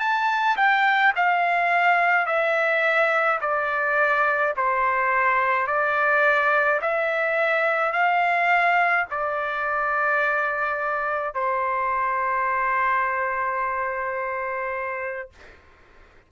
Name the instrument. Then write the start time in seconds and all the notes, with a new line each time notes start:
trumpet
0.00 A5
0.57 G5
1.16 F5
2.26 E5
3.42 D5
4.57 C5
5.67 D5
6.82 E5
7.93 F5
9.11 D5
11.34 C5